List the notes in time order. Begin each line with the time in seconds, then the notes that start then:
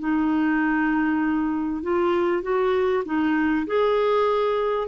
0.00 D#4
1.83 F4
2.43 F#4
3.06 D#4
3.67 G#4